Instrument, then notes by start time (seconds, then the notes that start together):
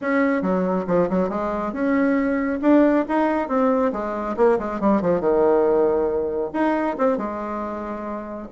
bassoon
0.01 C#4
0.42 F#3
0.87 F3
1.09 F#3
1.29 G#3
1.72 C#4
2.61 D4
3.08 D#4
3.48 C4
3.92 G#3
4.36 A#3
4.58 G#3
4.80 G3
5.01 F3
5.20 D#3
6.53 D#4
6.98 C4
7.17 G#3